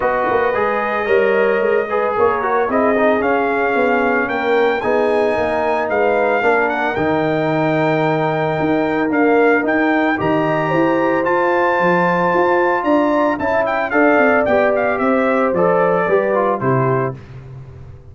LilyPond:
<<
  \new Staff \with { instrumentName = "trumpet" } { \time 4/4 \tempo 4 = 112 dis''1 | cis''4 dis''4 f''2 | g''4 gis''2 f''4~ | f''8 fis''8 g''2.~ |
g''4 f''4 g''4 ais''4~ | ais''4 a''2. | ais''4 a''8 g''8 f''4 g''8 f''8 | e''4 d''2 c''4 | }
  \new Staff \with { instrumentName = "horn" } { \time 4/4 b'2 cis''4. b'8 | ais'4 gis'2. | ais'4 gis'4 ais'4 b'4 | ais'1~ |
ais'2. dis''4 | c''1 | d''4 e''4 d''2 | c''2 b'4 g'4 | }
  \new Staff \with { instrumentName = "trombone" } { \time 4/4 fis'4 gis'4 ais'4. gis'8~ | gis'8 fis'8 e'8 dis'8 cis'2~ | cis'4 dis'2. | d'4 dis'2.~ |
dis'4 ais4 dis'4 g'4~ | g'4 f'2.~ | f'4 e'4 a'4 g'4~ | g'4 a'4 g'8 f'8 e'4 | }
  \new Staff \with { instrumentName = "tuba" } { \time 4/4 b8 ais8 gis4 g4 gis4 | ais4 c'4 cis'4 b4 | ais4 b4 ais4 gis4 | ais4 dis2. |
dis'4 d'4 dis'4 dis4 | e'4 f'4 f4 f'4 | d'4 cis'4 d'8 c'8 b4 | c'4 f4 g4 c4 | }
>>